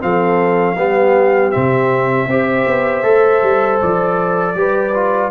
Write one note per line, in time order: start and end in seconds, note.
0.00 0.76 F3
0.00 0.76 C4
0.00 0.76 A4
0.00 1.51 F5
0.76 1.52 G3
0.76 1.53 B3
0.76 2.28 G4
1.51 2.27 C3
1.51 2.29 C4
1.51 3.79 E5
2.27 2.65 C4
2.27 3.03 G4
2.27 4.58 C5
2.66 3.03 B3
3.03 3.41 A3
3.03 4.55 A4
3.43 3.81 G3
3.82 4.55 F3
3.82 5.31 D5
4.55 5.31 G3
4.55 4.93 G4
4.55 5.31 B4
4.94 5.31 F4